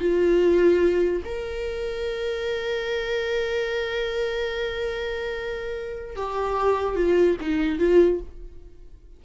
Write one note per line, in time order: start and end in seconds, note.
0.00 1.23 F4
1.25 6.17 A#4
6.17 6.96 G4
6.96 7.37 F4
7.41 7.79 D#4
7.79 8.20 F4